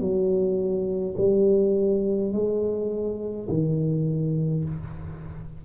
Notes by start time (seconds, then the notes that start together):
0.00 F#3
1.17 G3
2.33 G#3
3.49 D#3